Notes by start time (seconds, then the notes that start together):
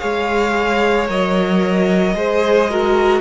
0.00 G#3 G#4 C#5 F5
1.08 F#3 A#4 D#5
2.15 G#3 G#4 C5
2.71 F#4 A#4